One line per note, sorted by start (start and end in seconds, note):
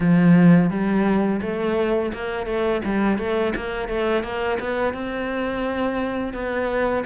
0.00 0.70 F3
0.70 1.41 G3
1.41 2.12 A3
2.13 2.46 A#3
2.46 2.81 A3
2.84 3.18 G3
3.18 3.53 A3
3.56 3.88 A#3
3.88 4.23 A3
4.23 4.58 A#3
4.59 4.93 B3
4.93 6.33 C4
6.33 7.04 B3